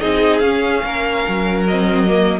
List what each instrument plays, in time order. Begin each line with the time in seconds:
0.00 cello C4, viola D#4, violin G#4 D#5
0.39 cello C#4, viola C#4, violin F5
0.83 cello A#3, violin A#4
1.28 cello F#3
1.67 viola C4, violin D#5
2.07 viola A#3